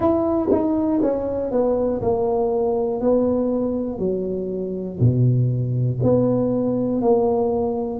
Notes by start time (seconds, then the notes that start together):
0.00 E4
0.50 D#4
1.02 C#4
1.50 B3
2.01 A#3
3.00 B3
3.99 F#3
5.00 B2
6.02 B3
7.01 A#3